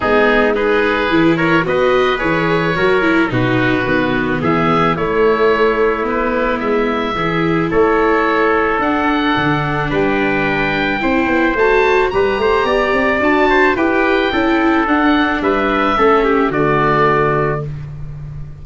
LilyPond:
<<
  \new Staff \with { instrumentName = "oboe" } { \time 4/4 \tempo 4 = 109 gis'4 b'4. cis''8 dis''4 | cis''2 b'2 | e''4 cis''2 b'4 | e''2 cis''2 |
fis''2 g''2~ | g''4 a''4 ais''2 | a''4 g''2 fis''4 | e''2 d''2 | }
  \new Staff \with { instrumentName = "trumpet" } { \time 4/4 dis'4 gis'4. ais'8 b'4~ | b'4 ais'4 fis'2 | gis'4 e'2.~ | e'4 gis'4 a'2~ |
a'2 b'2 | c''2 b'8 c''8 d''4~ | d''8 c''8 b'4 a'2 | b'4 a'8 g'8 fis'2 | }
  \new Staff \with { instrumentName = "viola" } { \time 4/4 b4 dis'4 e'4 fis'4 | gis'4 fis'8 e'8 dis'4 b4~ | b4 a2 b4~ | b4 e'2. |
d'1 | e'4 fis'4 g'2 | fis'4 g'4 e'4 d'4~ | d'4 cis'4 a2 | }
  \new Staff \with { instrumentName = "tuba" } { \time 4/4 gis2 e4 b4 | e4 fis4 b,4 dis4 | e4 a2. | gis4 e4 a2 |
d'4 d4 g2 | c'8 b8 a4 g8 a8 b8 c'8 | d'4 e'4 cis'4 d'4 | g4 a4 d2 | }
>>